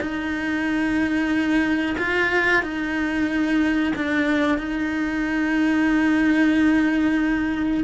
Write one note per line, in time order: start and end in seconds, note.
0.00 1.96 D#4
1.98 2.62 F4
2.62 3.93 D#4
3.95 4.58 D4
4.58 7.84 D#4